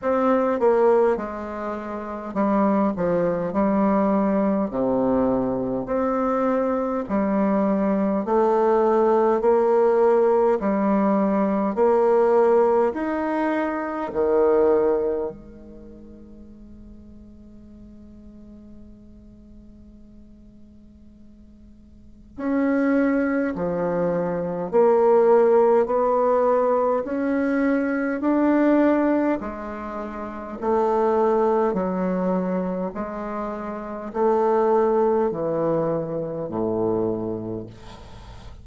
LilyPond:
\new Staff \with { instrumentName = "bassoon" } { \time 4/4 \tempo 4 = 51 c'8 ais8 gis4 g8 f8 g4 | c4 c'4 g4 a4 | ais4 g4 ais4 dis'4 | dis4 gis2.~ |
gis2. cis'4 | f4 ais4 b4 cis'4 | d'4 gis4 a4 fis4 | gis4 a4 e4 a,4 | }